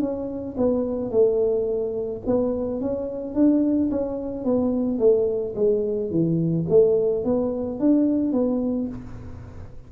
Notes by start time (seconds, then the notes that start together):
0.00 C#4
0.57 B3
1.11 A3
2.26 B3
2.81 C#4
3.34 D4
3.91 C#4
4.44 B3
4.98 A3
5.55 G#3
6.10 E3
6.69 A3
7.24 B3
7.79 D4
8.32 B3